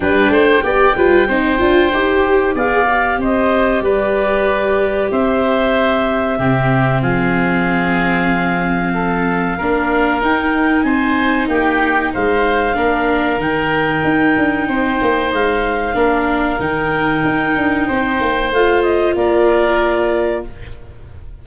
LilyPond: <<
  \new Staff \with { instrumentName = "clarinet" } { \time 4/4 \tempo 4 = 94 g''1 | f''4 dis''4 d''2 | e''2. f''4~ | f''1 |
g''4 gis''4 g''4 f''4~ | f''4 g''2. | f''2 g''2~ | g''4 f''8 dis''8 d''2 | }
  \new Staff \with { instrumentName = "oboe" } { \time 4/4 b'8 c''8 d''8 b'8 c''2 | d''4 c''4 b'2 | c''2 g'4 gis'4~ | gis'2 a'4 ais'4~ |
ais'4 c''4 g'4 c''4 | ais'2. c''4~ | c''4 ais'2. | c''2 ais'2 | }
  \new Staff \with { instrumentName = "viola" } { \time 4/4 d'4 g'8 f'8 dis'8 f'8 g'4 | gis'8 g'2.~ g'8~ | g'2 c'2~ | c'2. d'4 |
dis'1 | d'4 dis'2.~ | dis'4 d'4 dis'2~ | dis'4 f'2. | }
  \new Staff \with { instrumentName = "tuba" } { \time 4/4 g8 a8 b8 g8 c'8 d'8 dis'4 | b4 c'4 g2 | c'2 c4 f4~ | f2. ais4 |
dis'4 c'4 ais4 gis4 | ais4 dis4 dis'8 d'8 c'8 ais8 | gis4 ais4 dis4 dis'8 d'8 | c'8 ais8 a4 ais2 | }
>>